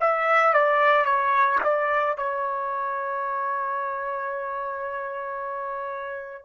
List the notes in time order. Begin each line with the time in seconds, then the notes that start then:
0.00 E5
0.54 D5
1.05 C#5
1.63 D5
2.17 C#5